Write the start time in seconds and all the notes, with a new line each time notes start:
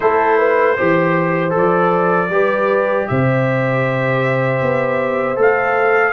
0.00 A3 E4 A4 C5
0.37 B4
0.77 E3 G4 C5
1.50 F3 A4
1.57 D5
2.29 G3 G4 B4
3.07 C3 C5 E5
4.61 B3
5.35 A3 A4 F5